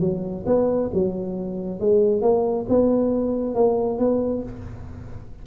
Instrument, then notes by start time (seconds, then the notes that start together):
tuba
0.00 F#3
0.46 B3
0.93 F#3
1.80 G#3
2.21 A#3
2.69 B3
3.55 A#3
3.99 B3